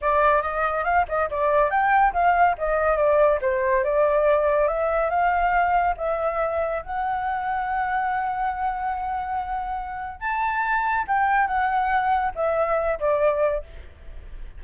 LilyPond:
\new Staff \with { instrumentName = "flute" } { \time 4/4 \tempo 4 = 141 d''4 dis''4 f''8 dis''8 d''4 | g''4 f''4 dis''4 d''4 | c''4 d''2 e''4 | f''2 e''2 |
fis''1~ | fis''1 | a''2 g''4 fis''4~ | fis''4 e''4. d''4. | }